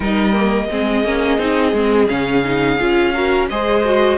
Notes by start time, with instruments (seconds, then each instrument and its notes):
0.00 cello G3, viola D#4, violin A#4 D#5
0.33 viola A#3
0.70 cello G#3, viola C4, violin G#4
1.04 cello A#3, viola C#4
1.38 cello C4, viola D#4
1.72 cello G#3, viola C4
2.07 cello C#3, viola C#4, violin F5
2.43 viola D#4
2.79 cello C#4, viola F4
3.13 viola F#4, violin A#4
3.49 cello G#3, viola G#4, violin C5 D#5
3.85 viola F#4